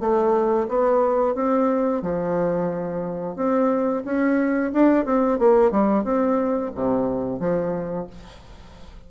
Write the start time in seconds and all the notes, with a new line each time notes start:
0.00 A3
0.68 B3
1.35 C4
2.02 F3
3.36 C4
4.05 C#4
4.73 D4
5.05 C4
5.39 A#3
5.72 G3
6.04 C4
6.75 C3
7.40 F3